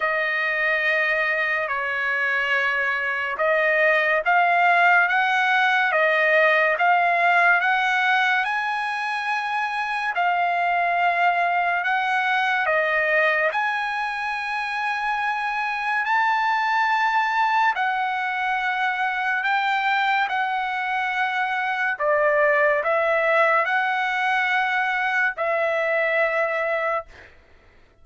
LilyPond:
\new Staff \with { instrumentName = "trumpet" } { \time 4/4 \tempo 4 = 71 dis''2 cis''2 | dis''4 f''4 fis''4 dis''4 | f''4 fis''4 gis''2 | f''2 fis''4 dis''4 |
gis''2. a''4~ | a''4 fis''2 g''4 | fis''2 d''4 e''4 | fis''2 e''2 | }